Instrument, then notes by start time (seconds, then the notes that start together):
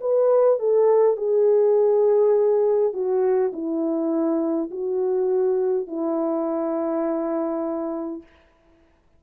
horn
0.00 B4
0.59 A4
1.17 G#4
2.93 F#4
3.52 E4
4.71 F#4
5.87 E4